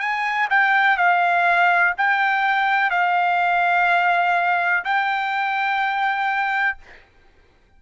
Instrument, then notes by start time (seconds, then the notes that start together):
trumpet
0.00 G#5
0.51 G5
0.98 F5
1.98 G5
2.91 F5
4.85 G5